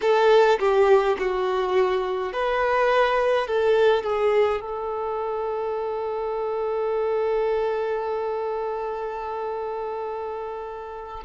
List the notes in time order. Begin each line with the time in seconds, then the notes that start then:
0.01 A4
0.59 G4
1.19 F#4
2.32 B4
3.47 A4
4.03 G#4
4.60 A4